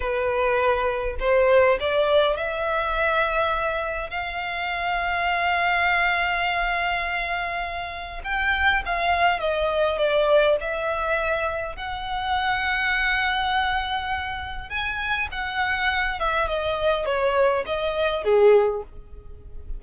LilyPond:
\new Staff \with { instrumentName = "violin" } { \time 4/4 \tempo 4 = 102 b'2 c''4 d''4 | e''2. f''4~ | f''1~ | f''2 g''4 f''4 |
dis''4 d''4 e''2 | fis''1~ | fis''4 gis''4 fis''4. e''8 | dis''4 cis''4 dis''4 gis'4 | }